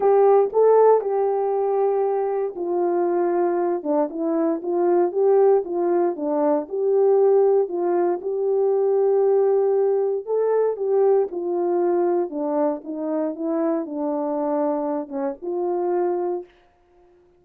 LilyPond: \new Staff \with { instrumentName = "horn" } { \time 4/4 \tempo 4 = 117 g'4 a'4 g'2~ | g'4 f'2~ f'8 d'8 | e'4 f'4 g'4 f'4 | d'4 g'2 f'4 |
g'1 | a'4 g'4 f'2 | d'4 dis'4 e'4 d'4~ | d'4. cis'8 f'2 | }